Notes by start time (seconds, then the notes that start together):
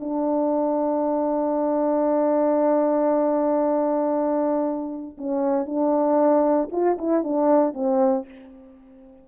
0.00 D4
5.18 C#4
5.66 D4
6.72 F4
6.99 E4
7.24 D4
7.74 C4